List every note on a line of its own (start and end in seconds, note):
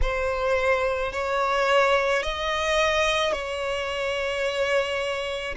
0.02 1.12 C5
1.12 2.22 C#5
2.22 3.32 D#5
3.32 5.55 C#5